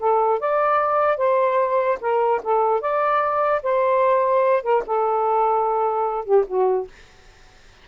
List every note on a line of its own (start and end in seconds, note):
0.00 0.40 A4
0.40 1.18 D5
1.18 1.99 C5
2.01 2.42 A#4
2.44 2.81 A4
2.81 3.62 D5
3.63 4.63 C5
4.63 4.83 A#4
4.87 6.25 A4
6.25 6.45 G4
6.48 6.88 F#4